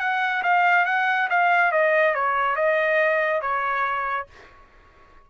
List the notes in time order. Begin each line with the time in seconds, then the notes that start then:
0.00 F#5
0.43 F5
0.86 F#5
1.30 F5
1.72 D#5
2.15 C#5
2.56 D#5
3.42 C#5